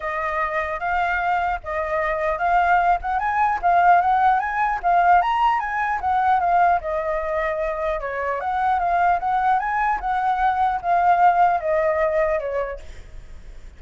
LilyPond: \new Staff \with { instrumentName = "flute" } { \time 4/4 \tempo 4 = 150 dis''2 f''2 | dis''2 f''4. fis''8 | gis''4 f''4 fis''4 gis''4 | f''4 ais''4 gis''4 fis''4 |
f''4 dis''2. | cis''4 fis''4 f''4 fis''4 | gis''4 fis''2 f''4~ | f''4 dis''2 cis''4 | }